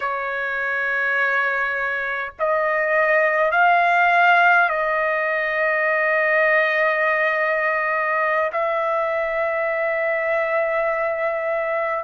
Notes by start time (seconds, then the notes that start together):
0.00 C#5
2.39 D#5
3.51 F5
4.68 D#5
8.52 E5